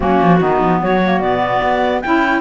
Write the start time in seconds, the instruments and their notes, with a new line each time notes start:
0.00 cello F#3, clarinet A#3 F#4, saxophone C#4
0.21 cello F3
0.40 cello D#3, clarinet B3, saxophone D#4
0.61 cello F3
0.80 cello F#3, saxophone F#4, clarinet C#5
1.04 clarinet A#3
1.20 cello B2, clarinet B3 D5
1.62 cello B3
2.01 cello C#4, saxophone E4, clarinet E4 G5